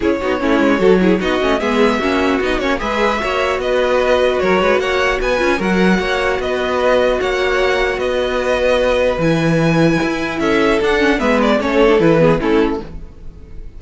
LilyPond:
<<
  \new Staff \with { instrumentName = "violin" } { \time 4/4 \tempo 4 = 150 cis''2. dis''4 | e''2 dis''8 cis''8 e''4~ | e''4 dis''2 cis''4 | fis''4 gis''4 fis''2 |
dis''2 fis''2 | dis''2. gis''4~ | gis''2 e''4 fis''4 | e''8 d''8 cis''4 b'4 a'4 | }
  \new Staff \with { instrumentName = "violin" } { \time 4/4 gis'8 fis'8 e'4 a'8 gis'8 fis'4 | gis'4 fis'2 b'4 | cis''4 b'2 ais'8 b'8 | cis''4 b'4 ais'4 cis''4 |
b'2 cis''2 | b'1~ | b'2 a'2 | b'4 a'4. gis'8 e'4 | }
  \new Staff \with { instrumentName = "viola" } { \time 4/4 e'8 dis'8 cis'4 fis'8 e'8 dis'8 cis'8 | b4 cis'4 dis'8 cis'8 gis'4 | fis'1~ | fis'4. f'8 fis'2~ |
fis'1~ | fis'2. e'4~ | e'2. d'8 cis'8 | b4 cis'8. d'16 e'8 b8 cis'4 | }
  \new Staff \with { instrumentName = "cello" } { \time 4/4 cis'8 b8 a8 gis8 fis4 b8 a8 | gis4 ais4 b8 ais8 gis4 | ais4 b2 fis8 gis8 | ais4 b8 cis'8 fis4 ais4 |
b2 ais2 | b2. e4~ | e4 e'4 cis'4 d'4 | gis4 a4 e4 a4 | }
>>